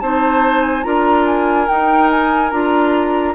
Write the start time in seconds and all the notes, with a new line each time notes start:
0.00 C4 D#4 C5 A5
0.62 G#5
0.83 D4 F4 A#4 A#5
1.27 G#5
1.68 D#4 G5
2.11 G#5
2.51 D4 F4 A#5